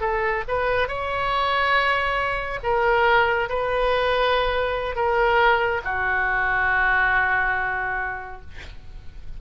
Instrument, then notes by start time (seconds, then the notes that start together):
oboe
0.00 A4
0.48 B4
0.88 C#5
2.63 A#4
3.49 B4
4.95 A#4
5.84 F#4